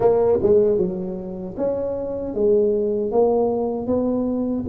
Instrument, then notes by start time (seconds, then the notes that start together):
tuba
0.00 A#3
0.42 G#3
0.77 F#3
1.57 C#4
2.34 G#3
3.11 A#3
3.86 B3